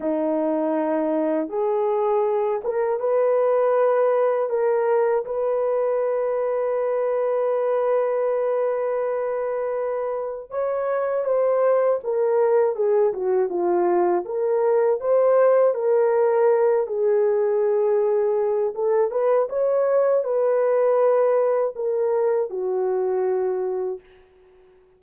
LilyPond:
\new Staff \with { instrumentName = "horn" } { \time 4/4 \tempo 4 = 80 dis'2 gis'4. ais'8 | b'2 ais'4 b'4~ | b'1~ | b'2 cis''4 c''4 |
ais'4 gis'8 fis'8 f'4 ais'4 | c''4 ais'4. gis'4.~ | gis'4 a'8 b'8 cis''4 b'4~ | b'4 ais'4 fis'2 | }